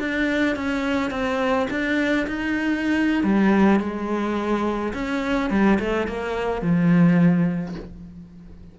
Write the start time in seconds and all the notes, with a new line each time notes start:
0.00 D4
0.56 C#4
1.11 C4
1.70 D4
2.27 D#4
3.24 G3
3.80 G#3
4.94 C#4
5.51 G3
5.80 A3
6.07 A#3
6.62 F3